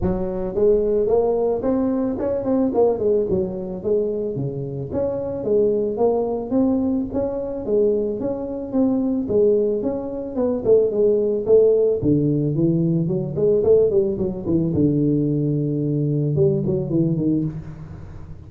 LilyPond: \new Staff \with { instrumentName = "tuba" } { \time 4/4 \tempo 4 = 110 fis4 gis4 ais4 c'4 | cis'8 c'8 ais8 gis8 fis4 gis4 | cis4 cis'4 gis4 ais4 | c'4 cis'4 gis4 cis'4 |
c'4 gis4 cis'4 b8 a8 | gis4 a4 d4 e4 | fis8 gis8 a8 g8 fis8 e8 d4~ | d2 g8 fis8 e8 dis8 | }